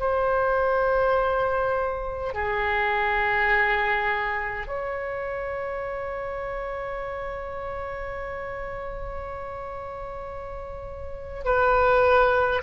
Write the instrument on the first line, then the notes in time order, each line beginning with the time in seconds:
oboe
0.00 C5
2.34 G#4
4.67 C#5
11.45 B4